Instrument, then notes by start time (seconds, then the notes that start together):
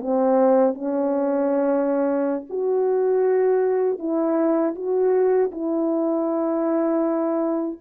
horn
0.00 C4
0.74 C#4
2.49 F#4
3.99 E4
4.75 F#4
5.51 E4